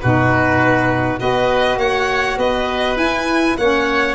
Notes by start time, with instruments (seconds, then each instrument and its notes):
0.00 tuba B2, saxophone D#4, oboe F#4, violin B4
1.19 tuba B3, saxophone F#4, oboe B4, violin D#5
1.77 tuba A#3, oboe C#5, violin F#5
2.37 tuba B3, oboe B4, violin D#5
2.96 tuba E4, saxophone E4, violin G#5
3.58 tuba A#3, saxophone C#4, oboe C#5, violin F#5